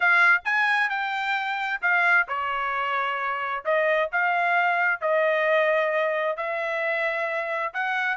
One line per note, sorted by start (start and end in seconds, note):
0.00 0.42 F5
0.44 0.89 G#5
0.89 1.80 G5
1.81 2.27 F5
2.27 3.64 C#5
3.64 4.10 D#5
4.12 5.00 F5
5.00 6.36 D#5
6.36 7.73 E5
7.73 8.17 F#5